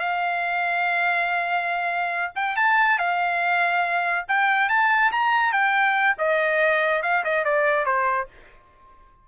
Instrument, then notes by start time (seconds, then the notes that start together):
trumpet
0.00 F5
2.36 G5
2.57 A5
2.99 F5
4.28 G5
4.69 A5
5.12 A#5
5.52 G5
6.18 D#5
7.03 F5
7.24 D#5
7.45 D5
7.86 C5